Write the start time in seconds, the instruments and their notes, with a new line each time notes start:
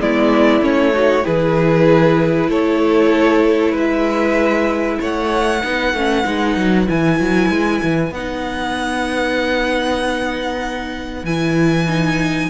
0.00 cello G#3, viola B3, violin E4 D5
0.60 cello A3, viola C#4, violin C#5
0.94 viola D#4, violin F#4
1.22 cello E3, viola E4, violin G#4 B4
2.48 cello A3, violin A4 C#5
3.71 cello G#3, violin B4
3.77 violin E5
5.00 cello A3, violin C#5 F#5
5.61 cello B3, viola D#4, violin B4
5.93 cello A3, viola C#4
6.24 cello G#3, viola D#4
6.56 cello F#3
6.85 cello E3, viola E4, violin G#5
7.19 cello F#3
7.49 cello G#3
7.83 cello E3
8.10 cello B3, viola D#4, violin F#5
11.23 cello E3, viola E4, violin G#5
11.87 viola D#4